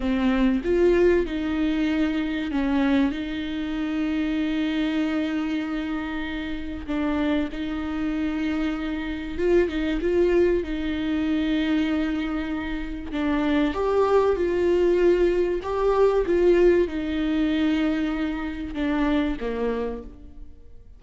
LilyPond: \new Staff \with { instrumentName = "viola" } { \time 4/4 \tempo 4 = 96 c'4 f'4 dis'2 | cis'4 dis'2.~ | dis'2. d'4 | dis'2. f'8 dis'8 |
f'4 dis'2.~ | dis'4 d'4 g'4 f'4~ | f'4 g'4 f'4 dis'4~ | dis'2 d'4 ais4 | }